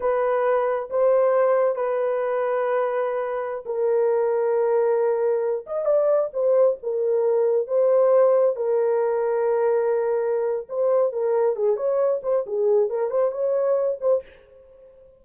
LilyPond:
\new Staff \with { instrumentName = "horn" } { \time 4/4 \tempo 4 = 135 b'2 c''2 | b'1~ | b'16 ais'2.~ ais'8.~ | ais'8. dis''8 d''4 c''4 ais'8.~ |
ais'4~ ais'16 c''2 ais'8.~ | ais'1 | c''4 ais'4 gis'8 cis''4 c''8 | gis'4 ais'8 c''8 cis''4. c''8 | }